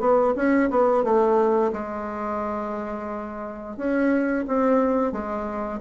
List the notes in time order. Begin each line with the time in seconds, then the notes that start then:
0.00 B3
0.36 C#4
0.70 B3
1.04 A3
1.73 G#3
3.77 C#4
4.48 C4
5.12 G#3